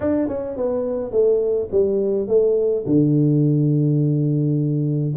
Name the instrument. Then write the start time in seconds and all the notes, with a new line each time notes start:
tuba
0.00 D4
0.28 C#4
0.56 B3
1.11 A3
1.71 G3
2.27 A3
2.85 D3